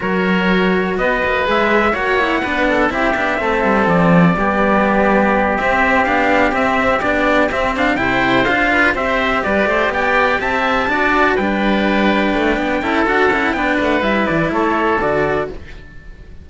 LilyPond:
<<
  \new Staff \with { instrumentName = "trumpet" } { \time 4/4 \tempo 4 = 124 cis''2 dis''4 e''4 | fis''2 e''2 | d''2.~ d''8 e''8~ | e''8 f''4 e''4 d''4 e''8 |
f''8 g''4 f''4 e''4 d''8~ | d''8 g''4 a''2 g''8~ | g''2. fis''4 | g''8 fis''8 e''8 d''8 cis''4 d''4 | }
  \new Staff \with { instrumentName = "oboe" } { \time 4/4 ais'2 b'2 | cis''4 b'8 a'8 g'4 a'4~ | a'4 g'2.~ | g'1~ |
g'8 c''4. b'8 c''4 b'8 | c''8 d''4 e''4 d''4 b'8~ | b'2~ b'8 a'4. | b'2 a'2 | }
  \new Staff \with { instrumentName = "cello" } { \time 4/4 fis'2. gis'4 | fis'8 e'8 d'4 e'8 d'8 c'4~ | c'4 b2~ b8 c'8~ | c'8 d'4 c'4 d'4 c'8 |
d'8 e'4 f'4 g'4.~ | g'2~ g'8 fis'4 d'8~ | d'2~ d'8 e'8 fis'8 e'8 | d'4 e'2 fis'4 | }
  \new Staff \with { instrumentName = "cello" } { \time 4/4 fis2 b8 ais8 gis4 | ais4 b4 c'8 b8 a8 g8 | f4 g2~ g8 c'8~ | c'8 b4 c'4 b4 c'8~ |
c'8 c4 d'4 c'4 g8 | a8 b4 c'4 d'4 g8~ | g4. a8 b8 cis'8 d'8 cis'8 | b8 a8 g8 e8 a4 d4 | }
>>